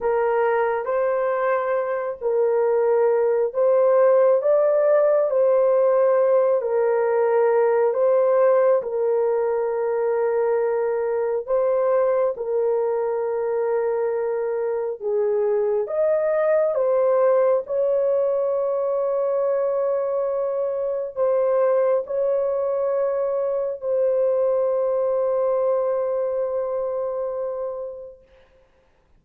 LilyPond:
\new Staff \with { instrumentName = "horn" } { \time 4/4 \tempo 4 = 68 ais'4 c''4. ais'4. | c''4 d''4 c''4. ais'8~ | ais'4 c''4 ais'2~ | ais'4 c''4 ais'2~ |
ais'4 gis'4 dis''4 c''4 | cis''1 | c''4 cis''2 c''4~ | c''1 | }